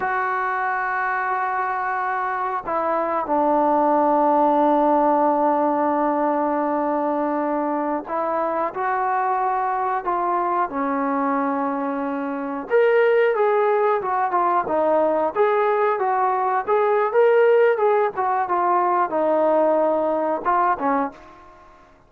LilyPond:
\new Staff \with { instrumentName = "trombone" } { \time 4/4 \tempo 4 = 91 fis'1 | e'4 d'2.~ | d'1~ | d'16 e'4 fis'2 f'8.~ |
f'16 cis'2. ais'8.~ | ais'16 gis'4 fis'8 f'8 dis'4 gis'8.~ | gis'16 fis'4 gis'8. ais'4 gis'8 fis'8 | f'4 dis'2 f'8 cis'8 | }